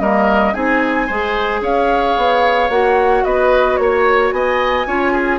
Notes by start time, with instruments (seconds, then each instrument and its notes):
0.00 bassoon G3, clarinet A#3, oboe A#4, flute D#5
0.54 bassoon C4, clarinet D#4, oboe G#4, flute G#5
1.07 bassoon G#3, clarinet G#4, oboe C5
1.61 bassoon C#4, oboe C#5, flute F5
2.17 bassoon B3
2.70 bassoon A#3, clarinet F#4, flute F#5
3.24 bassoon B3, oboe B4, flute D#5
3.77 bassoon A#3, flute C#5, oboe C#5
4.32 bassoon B3, oboe D#5, flute G#5
4.87 bassoon C#4, clarinet F4, oboe C#5
5.13 oboe G#4